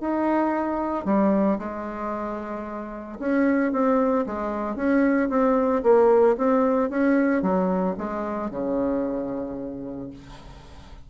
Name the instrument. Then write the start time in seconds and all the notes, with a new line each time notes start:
bassoon
0.00 D#4
1.05 G3
1.58 G#3
3.19 C#4
3.72 C4
4.26 G#3
4.76 C#4
5.29 C4
5.83 A#3
6.37 C4
6.89 C#4
7.42 F#3
7.97 G#3
8.50 C#3